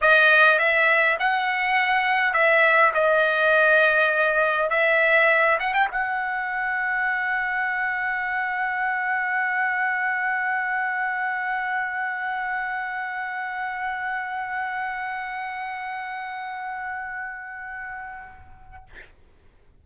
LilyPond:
\new Staff \with { instrumentName = "trumpet" } { \time 4/4 \tempo 4 = 102 dis''4 e''4 fis''2 | e''4 dis''2. | e''4. fis''16 g''16 fis''2~ | fis''1~ |
fis''1~ | fis''1~ | fis''1~ | fis''1 | }